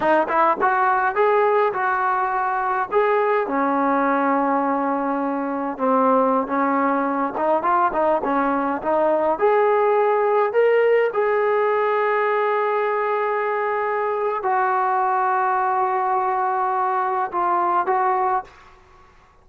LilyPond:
\new Staff \with { instrumentName = "trombone" } { \time 4/4 \tempo 4 = 104 dis'8 e'8 fis'4 gis'4 fis'4~ | fis'4 gis'4 cis'2~ | cis'2 c'4~ c'16 cis'8.~ | cis'8. dis'8 f'8 dis'8 cis'4 dis'8.~ |
dis'16 gis'2 ais'4 gis'8.~ | gis'1~ | gis'4 fis'2.~ | fis'2 f'4 fis'4 | }